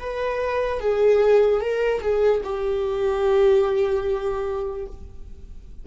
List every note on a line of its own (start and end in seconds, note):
0.00 0.80 B4
0.80 1.61 G#4
1.61 2.01 A#4
2.01 2.41 G#4
2.44 4.87 G4